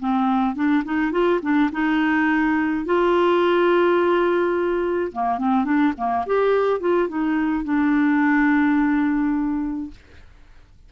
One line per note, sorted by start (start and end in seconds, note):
0.00 0.56 C4
0.56 0.84 D4
0.85 1.12 D#4
1.12 1.40 F4
1.42 1.71 D4
1.73 2.86 D#4
2.86 5.12 F4
5.13 5.39 A#3
5.39 5.65 C4
5.65 5.93 D4
5.98 6.26 A#3
6.27 6.81 G4
6.81 7.09 F4
7.09 7.65 D#4
7.65 9.91 D4